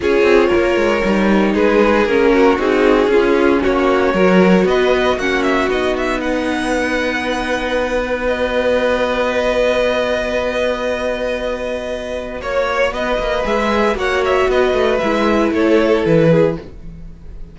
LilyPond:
<<
  \new Staff \with { instrumentName = "violin" } { \time 4/4 \tempo 4 = 116 cis''2. b'4 | ais'4 gis'2 cis''4~ | cis''4 dis''4 fis''8 e''8 dis''8 e''8 | fis''1 |
dis''1~ | dis''1 | cis''4 dis''4 e''4 fis''8 e''8 | dis''4 e''4 cis''4 b'4 | }
  \new Staff \with { instrumentName = "violin" } { \time 4/4 gis'4 ais'2 gis'4~ | gis'8 fis'4. f'4 fis'4 | ais'4 b'4 fis'2 | b'1~ |
b'1~ | b'1 | cis''4 b'2 cis''4 | b'2 a'4. gis'8 | }
  \new Staff \with { instrumentName = "viola" } { \time 4/4 f'2 dis'2 | cis'4 dis'4 cis'2 | fis'2 cis'4 dis'4~ | dis'1 |
fis'1~ | fis'1~ | fis'2 gis'4 fis'4~ | fis'4 e'2. | }
  \new Staff \with { instrumentName = "cello" } { \time 4/4 cis'8 c'8 ais8 gis8 g4 gis4 | ais4 c'4 cis'4 ais4 | fis4 b4 ais4 b4~ | b1~ |
b1~ | b1 | ais4 b8 ais8 gis4 ais4 | b8 a8 gis4 a4 e4 | }
>>